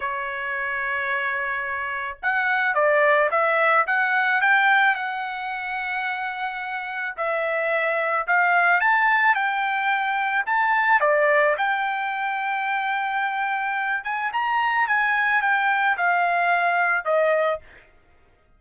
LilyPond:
\new Staff \with { instrumentName = "trumpet" } { \time 4/4 \tempo 4 = 109 cis''1 | fis''4 d''4 e''4 fis''4 | g''4 fis''2.~ | fis''4 e''2 f''4 |
a''4 g''2 a''4 | d''4 g''2.~ | g''4. gis''8 ais''4 gis''4 | g''4 f''2 dis''4 | }